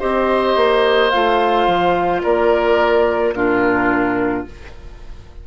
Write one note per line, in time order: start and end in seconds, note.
0.00 0.56 C4
0.00 1.11 G4
0.00 2.22 C5
0.00 1.10 D#5
0.56 1.12 A#3
1.10 1.68 A3
1.10 3.35 F4
1.10 2.21 F5
1.68 2.23 F3
2.23 3.34 A#3
2.23 3.34 A#4
2.23 3.33 D5
3.33 4.45 A#2
3.33 4.47 D4
3.33 4.47 F4
3.33 4.44 A#4